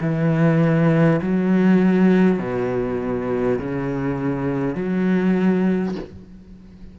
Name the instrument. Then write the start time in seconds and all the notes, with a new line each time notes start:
cello
0.00 E3
1.22 F#3
2.38 B2
3.59 C#3
4.75 F#3